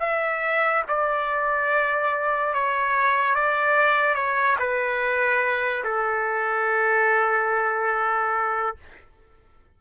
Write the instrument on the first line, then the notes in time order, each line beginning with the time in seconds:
trumpet
0.00 E5
0.88 D5
2.54 C#5
3.35 D5
4.14 C#5
4.59 B4
5.84 A4